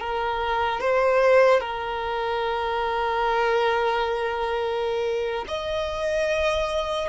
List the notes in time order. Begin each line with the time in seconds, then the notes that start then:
0.00 A#4
0.80 C5
1.60 A#4
5.48 D#5